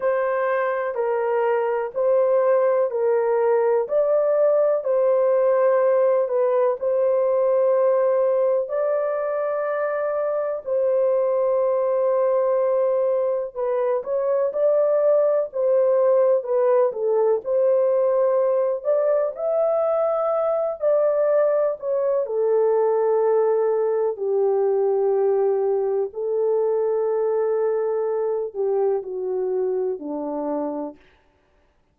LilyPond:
\new Staff \with { instrumentName = "horn" } { \time 4/4 \tempo 4 = 62 c''4 ais'4 c''4 ais'4 | d''4 c''4. b'8 c''4~ | c''4 d''2 c''4~ | c''2 b'8 cis''8 d''4 |
c''4 b'8 a'8 c''4. d''8 | e''4. d''4 cis''8 a'4~ | a'4 g'2 a'4~ | a'4. g'8 fis'4 d'4 | }